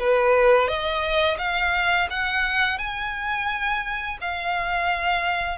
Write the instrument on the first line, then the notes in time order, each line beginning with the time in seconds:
violin
0.00 B4
0.68 D#5
1.39 F5
2.11 F#5
2.79 G#5
4.21 F5